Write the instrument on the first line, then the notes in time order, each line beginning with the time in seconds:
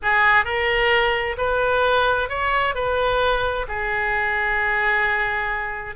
oboe
0.02 G#4
0.45 A#4
1.37 B4
2.29 C#5
2.74 B4
3.67 G#4